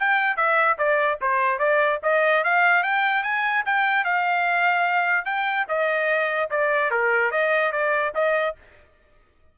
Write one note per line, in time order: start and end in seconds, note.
0.00 0.36 G5
0.36 0.77 E5
0.78 1.19 D5
1.21 1.59 C5
1.59 2.00 D5
2.03 2.44 D#5
2.44 2.83 F5
2.83 3.23 G5
3.23 3.64 G#5
3.66 4.04 G5
4.04 5.25 F5
5.25 5.66 G5
5.68 6.50 D#5
6.50 6.91 D5
6.91 7.32 A#4
7.32 7.72 D#5
7.72 8.13 D5
8.15 8.56 D#5